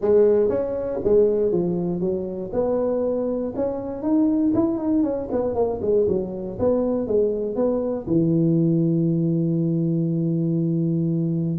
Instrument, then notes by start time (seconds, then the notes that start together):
tuba
0.01 G#3
0.49 C#4
1.03 G#3
1.52 F3
2.00 F#3
2.52 B3
3.56 C#4
4.02 D#4
4.54 E4
4.78 D#4
5.03 C#4
5.31 B3
5.54 A#3
5.81 G#3
6.08 F#3
6.59 B3
7.07 G#3
7.55 B3
8.06 E3